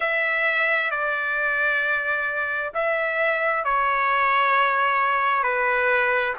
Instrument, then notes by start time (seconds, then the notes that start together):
trumpet
0.00 E5
0.90 D5
2.74 E5
3.64 C#5
5.43 B4